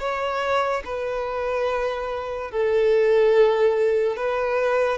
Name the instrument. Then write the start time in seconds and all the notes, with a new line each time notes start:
violin
0.00 C#5
0.85 B4
2.52 A4
4.17 B4